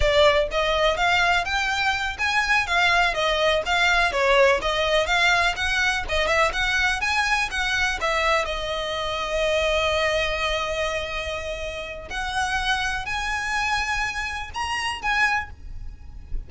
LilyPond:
\new Staff \with { instrumentName = "violin" } { \time 4/4 \tempo 4 = 124 d''4 dis''4 f''4 g''4~ | g''8 gis''4 f''4 dis''4 f''8~ | f''8 cis''4 dis''4 f''4 fis''8~ | fis''8 dis''8 e''8 fis''4 gis''4 fis''8~ |
fis''8 e''4 dis''2~ dis''8~ | dis''1~ | dis''4 fis''2 gis''4~ | gis''2 ais''4 gis''4 | }